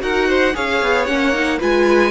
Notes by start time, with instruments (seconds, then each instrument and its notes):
0.00 cello D#4, viola F#4, violin A#4 F#5
0.28 violin C5
0.54 cello C#4, viola G#4, violin C#5 F5
0.82 cello B3
1.06 cello A#3, viola C#4, violin F#5
1.33 viola D#4
1.59 cello G#3, viola F4, violin B4 G#5